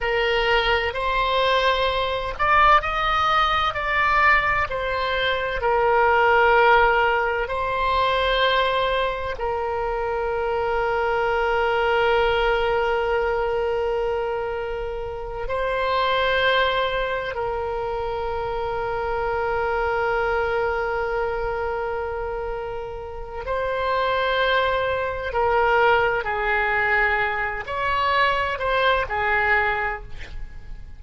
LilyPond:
\new Staff \with { instrumentName = "oboe" } { \time 4/4 \tempo 4 = 64 ais'4 c''4. d''8 dis''4 | d''4 c''4 ais'2 | c''2 ais'2~ | ais'1~ |
ais'8 c''2 ais'4.~ | ais'1~ | ais'4 c''2 ais'4 | gis'4. cis''4 c''8 gis'4 | }